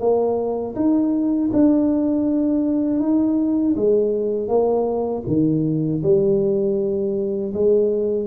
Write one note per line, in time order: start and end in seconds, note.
0.00 0.75 A#3
0.75 1.50 D#4
1.53 3.00 D4
3.00 3.75 D#4
3.76 4.48 G#3
4.48 5.23 A#3
5.27 6.02 D#3
6.03 7.53 G3
7.54 8.26 G#3